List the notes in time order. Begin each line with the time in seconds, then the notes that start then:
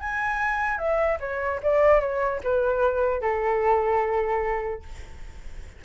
0.00 G#5
0.78 E5
1.20 C#5
1.63 D5
2.01 C#5
2.44 B4
3.22 A4